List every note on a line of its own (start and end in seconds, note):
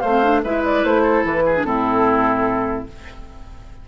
0.00 0.44 A3
0.00 0.23 C4
0.00 0.42 C5
0.00 0.41 F5
0.23 0.44 D4
0.44 0.84 G#3
0.44 1.56 E4
0.44 1.02 B4
0.44 0.64 E5
0.65 0.85 D5
0.84 1.24 A3
0.84 1.25 C5
1.02 1.43 A4
1.24 1.64 E3
1.24 1.65 B4
1.46 1.66 G#4
1.56 1.66 D4
1.64 2.86 A2
1.64 2.87 C4
1.64 2.89 E4
1.64 2.87 A4